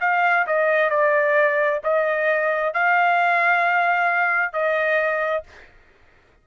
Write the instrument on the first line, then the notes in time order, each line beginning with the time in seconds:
trumpet
0.00 F5
0.46 D#5
0.90 D5
1.83 D#5
2.73 F5
4.52 D#5